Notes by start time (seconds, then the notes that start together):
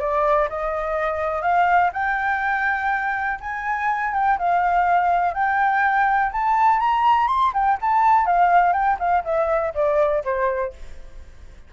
0.00 D5
0.49 D#5
1.42 F5
1.93 G5
3.41 G#5
4.14 G5
4.39 F5
5.34 G5
6.32 A5
6.80 A#5
7.28 C6
7.54 G5
7.82 A5
8.26 F5
8.73 G5
9.00 F5
9.25 E5
9.74 D5
10.25 C5